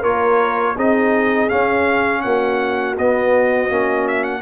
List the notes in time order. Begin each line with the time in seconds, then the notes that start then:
0.00 A#3 F4 A#4 C#5
0.75 C4 D#4 G#4 D#5
1.49 C#4 F5
2.21 A#3 F#4 F#5
2.98 B3 D#5
3.69 A#3 C#4
4.07 E5
4.23 F#5